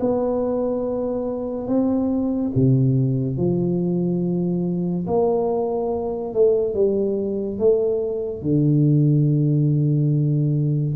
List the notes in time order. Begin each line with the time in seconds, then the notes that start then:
0.00 B3
1.67 C4
2.55 C3
3.37 F3
5.07 A#3
6.34 A3
6.74 G3
7.59 A3
8.42 D3